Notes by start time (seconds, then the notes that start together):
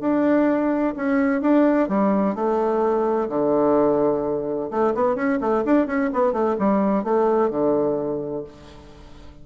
0.00 D4
0.96 C#4
1.41 D4
1.88 G3
2.35 A3
3.29 D3
4.70 A3
4.94 B3
5.15 C#4
5.40 A3
5.64 D4
5.86 C#4
6.13 B3
6.32 A3
6.59 G3
7.04 A3
7.50 D3